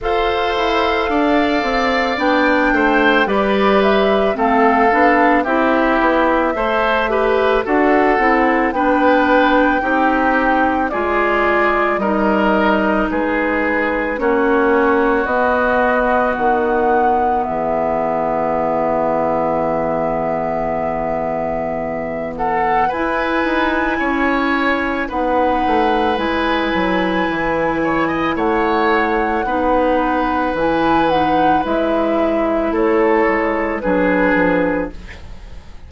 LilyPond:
<<
  \new Staff \with { instrumentName = "flute" } { \time 4/4 \tempo 4 = 55 f''2 g''4 d''8 e''8 | f''4 e''2 fis''4 | g''2 d''4 dis''4 | b'4 cis''4 dis''4 fis''4 |
e''1~ | e''8 fis''8 gis''2 fis''4 | gis''2 fis''2 | gis''8 fis''8 e''4 cis''4 b'4 | }
  \new Staff \with { instrumentName = "oboe" } { \time 4/4 c''4 d''4. c''8 b'4 | a'4 g'4 c''8 b'8 a'4 | b'4 g'4 gis'4 ais'4 | gis'4 fis'2. |
gis'1~ | gis'8 a'8 b'4 cis''4 b'4~ | b'4. cis''16 dis''16 cis''4 b'4~ | b'2 a'4 gis'4 | }
  \new Staff \with { instrumentName = "clarinet" } { \time 4/4 a'2 d'4 g'4 | c'8 d'8 e'4 a'8 g'8 fis'8 e'8 | d'4 dis'4 f'4 dis'4~ | dis'4 cis'4 b2~ |
b1~ | b4 e'2 dis'4 | e'2. dis'4 | e'8 dis'8 e'2 d'4 | }
  \new Staff \with { instrumentName = "bassoon" } { \time 4/4 f'8 e'8 d'8 c'8 b8 a8 g4 | a8 b8 c'8 b8 a4 d'8 c'8 | b4 c'4 gis4 g4 | gis4 ais4 b4 dis4 |
e1~ | e4 e'8 dis'8 cis'4 b8 a8 | gis8 fis8 e4 a4 b4 | e4 gis4 a8 gis8 fis8 f8 | }
>>